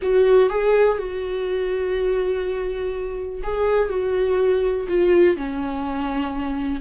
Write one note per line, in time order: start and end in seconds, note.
0.02 0.49 F#4
0.49 0.98 G#4
0.98 3.41 F#4
3.43 3.89 G#4
3.89 4.86 F#4
4.88 5.37 F4
5.37 6.80 C#4